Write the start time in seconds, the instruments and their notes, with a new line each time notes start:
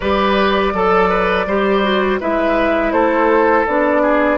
0.00 bassoon G3, clarinet G4, oboe B4, flute D5
0.73 bassoon F#3, clarinet A4, oboe A4
1.09 oboe B4
1.46 bassoon G3, clarinet G4, oboe C5
1.83 clarinet F#4
2.20 bassoon G#3, clarinet E4, oboe B4, flute E5
2.92 bassoon A3, oboe A4, flute C5
3.66 bassoon B3, clarinet D4, flute D5
4.02 oboe G#4